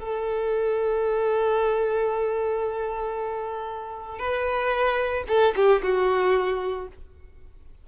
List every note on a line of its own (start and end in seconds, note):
0.00 4.19 A4
4.19 5.24 B4
5.28 5.55 A4
5.56 5.83 G4
5.83 6.89 F#4